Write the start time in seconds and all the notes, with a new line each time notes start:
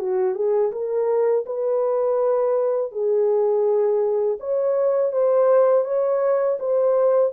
0.00 F#4
0.35 G#4
0.73 A#4
1.46 B4
2.92 G#4
4.40 C#5
5.13 C5
5.85 C#5
6.60 C5